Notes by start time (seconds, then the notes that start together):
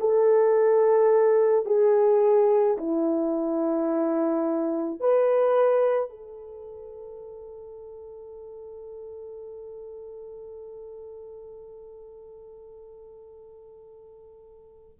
0.00 A4
1.65 G#4
2.77 E4
5.00 B4
6.09 A4